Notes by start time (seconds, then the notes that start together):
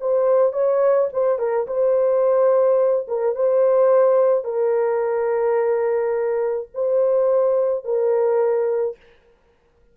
0.00 C5
0.52 C#5
1.13 C5
1.38 A#4
1.66 C5
3.07 A#4
3.35 C5
4.44 A#4
6.74 C5
7.84 A#4